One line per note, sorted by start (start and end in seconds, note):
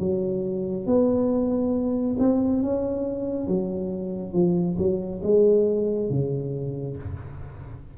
0.00 0.87 F#3
0.87 2.17 B3
2.20 2.63 C4
2.63 3.48 C#4
3.48 4.34 F#3
4.34 4.77 F3
4.79 5.22 F#3
5.23 6.10 G#3
6.10 6.97 C#3